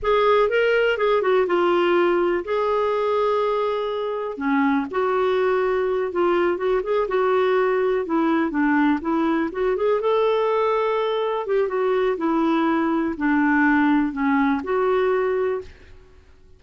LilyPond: \new Staff \with { instrumentName = "clarinet" } { \time 4/4 \tempo 4 = 123 gis'4 ais'4 gis'8 fis'8 f'4~ | f'4 gis'2.~ | gis'4 cis'4 fis'2~ | fis'8 f'4 fis'8 gis'8 fis'4.~ |
fis'8 e'4 d'4 e'4 fis'8 | gis'8 a'2. g'8 | fis'4 e'2 d'4~ | d'4 cis'4 fis'2 | }